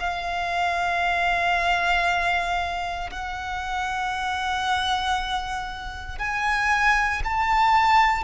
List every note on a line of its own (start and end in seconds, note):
0.00 3.10 F5
3.11 6.19 F#5
6.19 7.23 G#5
7.25 8.24 A5